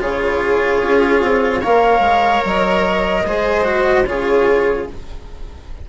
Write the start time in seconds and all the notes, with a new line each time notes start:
0.00 C#3 F4 G#4 C#5
0.83 C#4
1.22 C4
1.61 A#3 A#4 C#5 F5
2.00 G#3
2.45 F#3 D#5
3.25 G#3 G#4 C5
3.64 F#4
4.06 C#3 F4 G#4 C#5